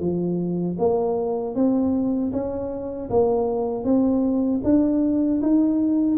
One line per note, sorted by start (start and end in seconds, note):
0.00 0.77 F3
0.79 1.55 A#3
1.55 2.32 C4
2.32 3.09 C#4
3.10 3.84 A#3
3.84 4.61 C4
4.64 5.41 D4
5.42 6.17 D#4